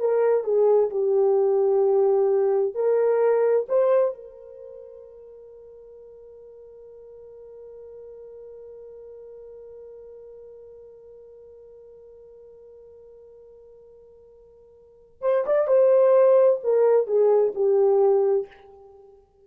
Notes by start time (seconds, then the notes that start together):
0.00 A#4
0.44 G#4
0.90 G4
2.74 A#4
3.69 C5
4.15 A#4
15.21 C5
15.46 D5
15.68 C5
16.63 A#4
17.07 G#4
17.55 G4